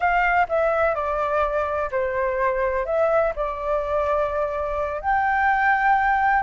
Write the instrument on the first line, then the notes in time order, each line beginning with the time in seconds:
flute
0.00 F5
0.48 E5
0.94 D5
1.91 C5
2.85 E5
3.35 D5
5.01 G5